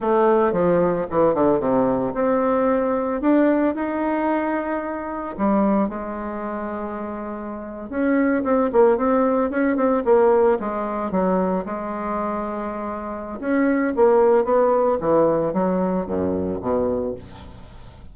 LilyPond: \new Staff \with { instrumentName = "bassoon" } { \time 4/4 \tempo 4 = 112 a4 f4 e8 d8 c4 | c'2 d'4 dis'4~ | dis'2 g4 gis4~ | gis2~ gis8. cis'4 c'16~ |
c'16 ais8 c'4 cis'8 c'8 ais4 gis16~ | gis8. fis4 gis2~ gis16~ | gis4 cis'4 ais4 b4 | e4 fis4 fis,4 b,4 | }